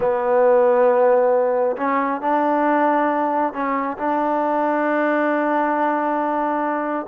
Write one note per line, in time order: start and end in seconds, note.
0.00 1.76 B3
1.76 2.21 C#4
2.21 3.53 D4
3.53 3.97 C#4
3.97 7.06 D4